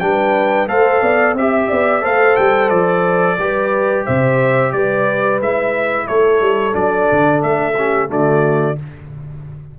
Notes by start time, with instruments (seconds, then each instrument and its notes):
0.00 tuba G3, trombone D4, horn B4, trumpet G5
0.68 tuba A3, trombone A4, horn C5, trumpet F5
1.02 tuba B3, horn D5
1.34 tuba C4, trombone G4, horn E5, trumpet E5
1.69 tuba B3, horn D5
2.01 tuba A3, trombone A4, horn C5, trumpet F5
2.36 tuba G3, trumpet G5
2.69 tuba F3, trumpet D5
3.38 tuba G3, trombone G4, horn B4
4.05 tuba C3, horn C5, trumpet E5
4.72 tuba G3, horn B4, trumpet D5
5.40 tuba G#3, trombone E4, trumpet E5
6.06 tuba A3, horn A4, trumpet C#5
6.41 tuba G3
6.72 tuba F#3, trombone D4, trumpet D5
7.11 tuba D3
7.43 tuba A3, trumpet E5
7.75 trombone C#4, horn G4
8.08 tuba D3, trombone A3, horn F#4, trumpet D5